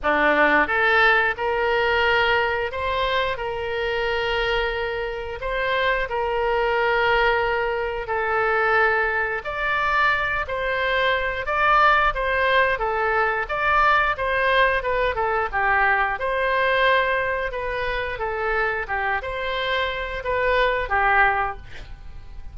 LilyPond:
\new Staff \with { instrumentName = "oboe" } { \time 4/4 \tempo 4 = 89 d'4 a'4 ais'2 | c''4 ais'2. | c''4 ais'2. | a'2 d''4. c''8~ |
c''4 d''4 c''4 a'4 | d''4 c''4 b'8 a'8 g'4 | c''2 b'4 a'4 | g'8 c''4. b'4 g'4 | }